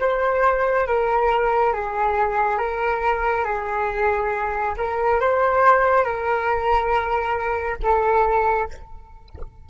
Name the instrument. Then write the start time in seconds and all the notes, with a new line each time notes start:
flute
0.00 C5
0.87 A#4
1.73 G#4
2.58 A#4
3.45 G#4
4.77 A#4
5.20 C5
6.04 A#4
7.83 A4